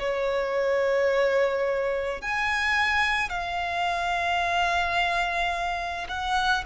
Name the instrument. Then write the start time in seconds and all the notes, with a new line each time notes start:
violin
0.00 C#5
2.22 G#5
3.30 F5
6.09 F#5